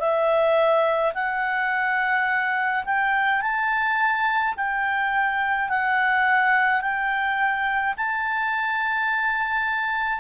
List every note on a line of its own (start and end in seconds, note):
0.00 1.13 E5
1.15 2.85 F#5
2.85 3.42 G5
3.42 4.55 A5
4.57 5.69 G5
5.69 6.81 F#5
6.81 7.95 G5
7.97 10.20 A5